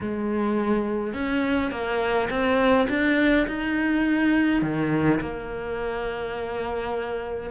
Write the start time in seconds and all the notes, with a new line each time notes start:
0.01 G#3
1.13 C#4
1.71 A#3
2.29 C4
2.89 D4
3.47 D#4
4.62 D#3
5.21 A#3